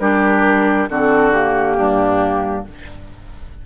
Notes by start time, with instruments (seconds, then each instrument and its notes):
0.00 bassoon G3, clarinet D4, oboe G4, flute A#4
0.89 bassoon D3, clarinet C4, oboe F#4, flute A4
1.33 clarinet A#3, flute G4
1.77 bassoon G2, oboe D4